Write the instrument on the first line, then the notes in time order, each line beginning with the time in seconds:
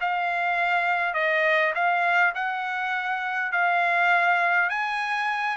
trumpet
0.00 F5
1.14 D#5
1.74 F5
2.34 F#5
3.52 F5
4.69 G#5